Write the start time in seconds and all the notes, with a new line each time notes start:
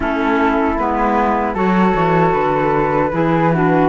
0.00 A3 C#4 E4 A4
0.77 G#3 B3 B4
1.54 F#3 F#4 A4 C#5
1.95 E3
2.32 D3 B4
3.12 E3 E4 G#4
3.53 D4 F#4